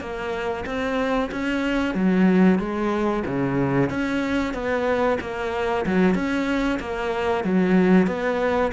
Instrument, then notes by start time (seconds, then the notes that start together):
cello
0.00 A#3
0.66 C4
1.31 C#4
1.95 F#3
2.59 G#3
3.26 C#3
3.90 C#4
4.54 B3
5.21 A#3
5.86 F#3
6.15 C#4
6.80 A#3
7.44 F#3
8.07 B3